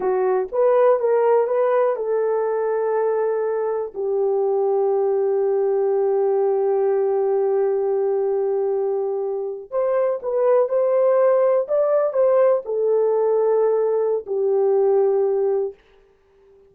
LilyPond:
\new Staff \with { instrumentName = "horn" } { \time 4/4 \tempo 4 = 122 fis'4 b'4 ais'4 b'4 | a'1 | g'1~ | g'1~ |
g'2.~ g'8. c''16~ | c''8. b'4 c''2 d''16~ | d''8. c''4 a'2~ a'16~ | a'4 g'2. | }